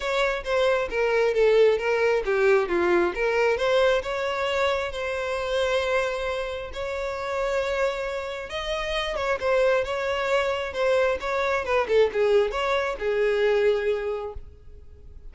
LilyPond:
\new Staff \with { instrumentName = "violin" } { \time 4/4 \tempo 4 = 134 cis''4 c''4 ais'4 a'4 | ais'4 g'4 f'4 ais'4 | c''4 cis''2 c''4~ | c''2. cis''4~ |
cis''2. dis''4~ | dis''8 cis''8 c''4 cis''2 | c''4 cis''4 b'8 a'8 gis'4 | cis''4 gis'2. | }